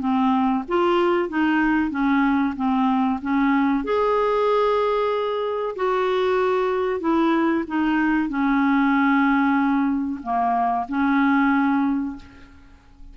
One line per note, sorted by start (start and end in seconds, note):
0.00 0.64 C4
0.68 1.29 F4
1.29 1.91 D#4
1.91 2.54 C#4
2.56 3.20 C4
3.22 3.84 C#4
3.84 5.76 G#4
5.76 7.00 F#4
7.00 7.64 E4
7.67 8.29 D#4
8.29 10.20 C#4
10.23 10.87 A#3
10.88 12.16 C#4